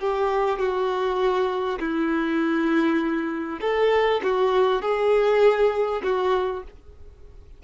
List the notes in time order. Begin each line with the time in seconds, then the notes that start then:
0.00 G4
0.59 F#4
1.79 E4
3.61 A4
4.23 F#4
4.82 G#4
6.03 F#4